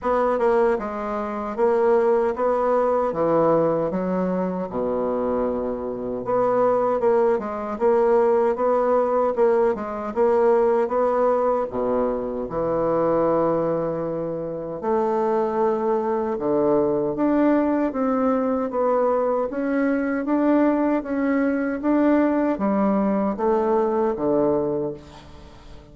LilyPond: \new Staff \with { instrumentName = "bassoon" } { \time 4/4 \tempo 4 = 77 b8 ais8 gis4 ais4 b4 | e4 fis4 b,2 | b4 ais8 gis8 ais4 b4 | ais8 gis8 ais4 b4 b,4 |
e2. a4~ | a4 d4 d'4 c'4 | b4 cis'4 d'4 cis'4 | d'4 g4 a4 d4 | }